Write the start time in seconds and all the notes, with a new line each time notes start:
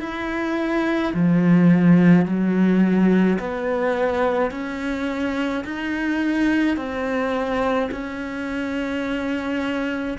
0.00 E4
1.14 F3
2.26 F#3
3.39 B3
4.52 C#4
5.65 D#4
6.77 C4
7.91 C#4